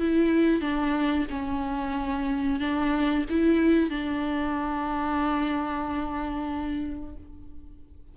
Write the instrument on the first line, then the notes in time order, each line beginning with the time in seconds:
viola
0.00 E4
0.61 D4
1.31 C#4
2.60 D4
3.30 E4
3.90 D4